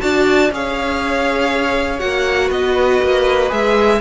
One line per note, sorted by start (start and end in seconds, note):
0.00 0.52 D4
0.00 0.50 F#4
0.00 0.52 D5
0.00 0.51 A5
0.52 2.02 C#4
0.52 1.99 G#4
0.52 2.48 C#5
0.52 2.00 F5
1.99 2.50 A#3
1.99 3.49 F#4
1.99 2.50 F#5
2.48 3.00 B3
2.48 3.98 B4
2.48 3.51 D#5
3.03 3.52 A#3
3.49 4.01 G#3
3.49 3.99 G#4
3.49 4.01 E5